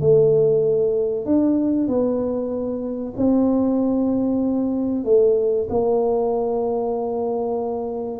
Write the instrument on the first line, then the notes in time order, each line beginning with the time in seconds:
tuba
0.00 A3
1.25 D4
1.87 B3
3.17 C4
5.04 A3
5.70 A#3